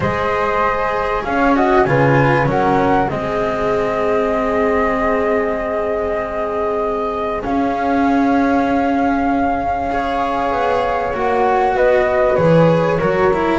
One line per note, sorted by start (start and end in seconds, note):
0.00 1.21 G#3
0.00 1.54 G#4
0.00 1.23 C5
0.00 1.23 D#5
1.23 1.86 C#4
1.23 1.56 C#5
1.23 1.54 F5
1.54 1.85 F#4
1.54 1.87 D#5
1.54 1.84 F#5
1.84 2.45 C#3
1.84 2.46 F4
1.84 2.49 B4
1.84 2.46 G#5
2.45 3.07 F#3
2.45 3.07 C#4
2.45 3.09 A#4
2.45 3.09 F#5
3.09 7.43 G#3
3.09 7.43 C4
3.09 9.90 G#4
3.09 7.42 D#5
7.43 9.90 C#4
7.43 10.51 C#4
7.43 11.15 F5
9.90 11.13 G#4
9.90 11.75 C#5
10.51 11.13 B3
11.13 11.75 A#3
11.13 12.37 F#4
11.13 11.77 F#5
11.75 12.37 B3
11.75 12.98 B4
11.75 12.35 D#5
12.35 12.99 E3
12.35 12.99 G#4
12.35 13.59 C#5
12.98 13.59 F#3
12.98 13.31 F#4
12.98 13.59 A#4
13.33 13.59 E4